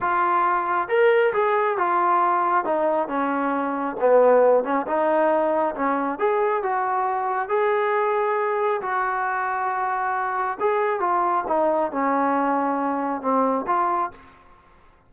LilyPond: \new Staff \with { instrumentName = "trombone" } { \time 4/4 \tempo 4 = 136 f'2 ais'4 gis'4 | f'2 dis'4 cis'4~ | cis'4 b4. cis'8 dis'4~ | dis'4 cis'4 gis'4 fis'4~ |
fis'4 gis'2. | fis'1 | gis'4 f'4 dis'4 cis'4~ | cis'2 c'4 f'4 | }